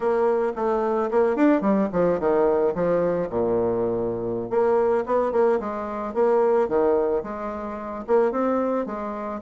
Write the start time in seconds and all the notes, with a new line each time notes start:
0.00 A#3
0.55 A3
1.10 A#3
1.35 D4
1.61 G3
1.92 F3
2.19 D#3
2.74 F3
3.29 A#2
4.50 A#3
5.06 B3
5.32 A#3
5.59 G#3
6.14 A#3
6.68 D#3
7.23 G#3
8.07 A#3
8.31 C4
8.86 G#3